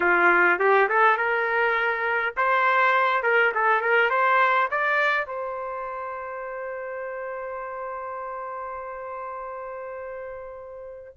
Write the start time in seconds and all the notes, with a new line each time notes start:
0.00 F4
0.59 G4
0.88 A4
1.17 A#4
2.36 C5
3.22 A#4
3.54 A4
3.81 A#4
4.10 C5
4.70 D5
5.26 C5